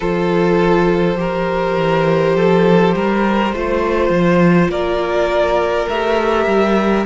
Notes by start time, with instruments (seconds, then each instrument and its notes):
0.00 cello F3, viola F4, violin A4 C5
1.15 viola G4, violin A#4
1.77 cello E3
2.36 cello F3, violin A4
2.94 cello G3, violin A#4
3.52 cello A3, viola F4, violin C5
4.09 cello F3
4.69 cello A#3, violin A#4 D5
5.89 cello A3, viola G4, violin E5
6.46 cello G3